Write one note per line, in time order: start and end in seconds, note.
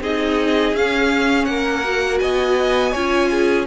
0.00 0.73 C4
0.00 0.76 D#4
0.00 1.48 G#4
0.00 0.76 D#5
0.74 1.47 C#4
0.74 1.85 C#4
0.74 1.45 F5
1.45 2.20 A#3
1.45 2.22 A#4
1.45 2.18 F#5
1.85 2.94 F#4
2.20 2.95 B3
2.20 2.92 D#5
2.20 3.66 G#5
2.92 3.67 C#4
2.92 3.67 F4
2.92 3.29 C#5
3.30 3.67 G#4